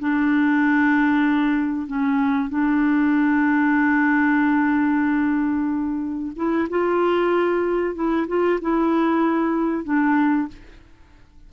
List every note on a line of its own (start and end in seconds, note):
0.00 1.87 D4
1.87 2.50 C#4
2.50 6.32 D4
6.36 6.68 E4
6.70 7.95 F4
7.95 8.27 E4
8.28 8.60 F4
8.61 9.84 E4
9.84 10.48 D4